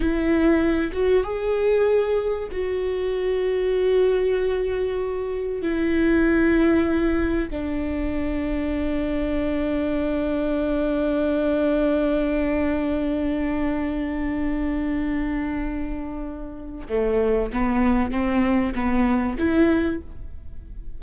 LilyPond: \new Staff \with { instrumentName = "viola" } { \time 4/4 \tempo 4 = 96 e'4. fis'8 gis'2 | fis'1~ | fis'4 e'2. | d'1~ |
d'1~ | d'1~ | d'2. a4 | b4 c'4 b4 e'4 | }